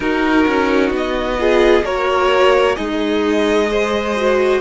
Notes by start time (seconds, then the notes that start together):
0.00 D#4 F#4 A#4
0.47 C#4
0.90 B3
0.96 D#5
1.38 F4 G#4
1.83 A#3 F#4 A#4 C#5
2.75 G#3 D#4 G#4 D#5
3.70 C5
4.16 F#4